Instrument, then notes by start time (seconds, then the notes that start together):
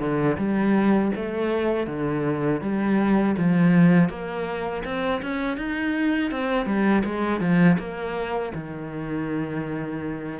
cello
0.00 D3
0.38 G3
1.16 A3
1.87 D3
2.62 G3
3.38 F3
4.09 A#3
4.85 C4
5.22 C#4
5.58 D#4
6.31 C4
6.66 G3
7.05 G#3
7.41 F3
7.79 A#3
8.55 D#3